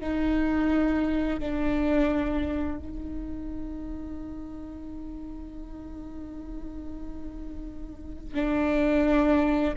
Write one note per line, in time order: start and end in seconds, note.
0.00 1.39 D#4
1.39 2.79 D4
2.79 8.34 D#4
8.34 9.74 D4